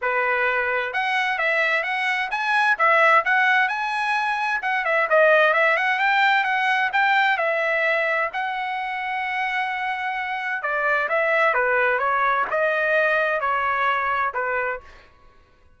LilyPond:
\new Staff \with { instrumentName = "trumpet" } { \time 4/4 \tempo 4 = 130 b'2 fis''4 e''4 | fis''4 gis''4 e''4 fis''4 | gis''2 fis''8 e''8 dis''4 | e''8 fis''8 g''4 fis''4 g''4 |
e''2 fis''2~ | fis''2. d''4 | e''4 b'4 cis''4 dis''4~ | dis''4 cis''2 b'4 | }